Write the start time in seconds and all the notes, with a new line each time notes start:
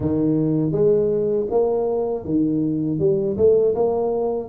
0.00 D#3
0.72 G#3
1.50 A#3
2.25 D#3
2.99 G3
3.37 A3
3.75 A#3